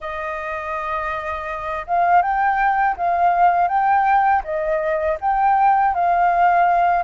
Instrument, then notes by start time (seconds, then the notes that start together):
flute
0.00 D#5
1.87 F5
2.22 G5
2.96 F5
3.68 G5
4.44 D#5
5.21 G5
5.94 F5